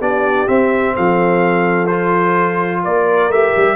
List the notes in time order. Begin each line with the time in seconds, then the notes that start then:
0.00 B3 D4 G4 D5
0.47 C4 E5
0.95 F3 A4 F5
1.86 F4 C5
2.83 A#3 A#4 D5
3.29 A3 G4 E5
3.56 G3